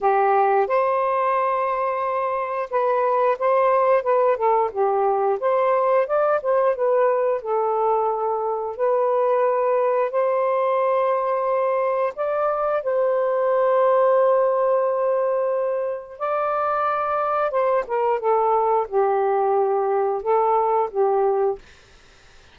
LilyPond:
\new Staff \with { instrumentName = "saxophone" } { \time 4/4 \tempo 4 = 89 g'4 c''2. | b'4 c''4 b'8 a'8 g'4 | c''4 d''8 c''8 b'4 a'4~ | a'4 b'2 c''4~ |
c''2 d''4 c''4~ | c''1 | d''2 c''8 ais'8 a'4 | g'2 a'4 g'4 | }